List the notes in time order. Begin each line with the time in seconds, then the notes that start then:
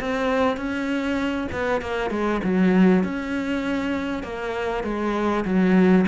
0.00 C4
0.57 C#4
1.52 B3
1.81 A#3
2.10 G#3
2.44 F#3
3.04 C#4
4.23 A#3
4.83 G#3
5.45 F#3